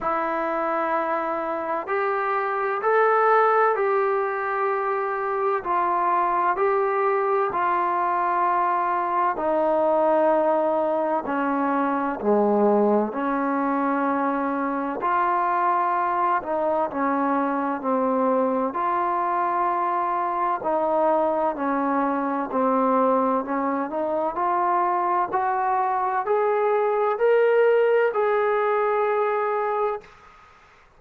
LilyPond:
\new Staff \with { instrumentName = "trombone" } { \time 4/4 \tempo 4 = 64 e'2 g'4 a'4 | g'2 f'4 g'4 | f'2 dis'2 | cis'4 gis4 cis'2 |
f'4. dis'8 cis'4 c'4 | f'2 dis'4 cis'4 | c'4 cis'8 dis'8 f'4 fis'4 | gis'4 ais'4 gis'2 | }